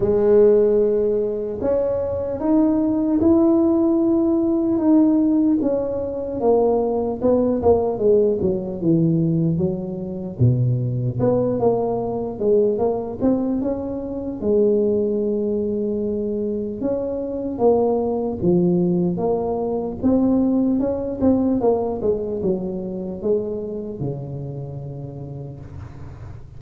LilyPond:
\new Staff \with { instrumentName = "tuba" } { \time 4/4 \tempo 4 = 75 gis2 cis'4 dis'4 | e'2 dis'4 cis'4 | ais4 b8 ais8 gis8 fis8 e4 | fis4 b,4 b8 ais4 gis8 |
ais8 c'8 cis'4 gis2~ | gis4 cis'4 ais4 f4 | ais4 c'4 cis'8 c'8 ais8 gis8 | fis4 gis4 cis2 | }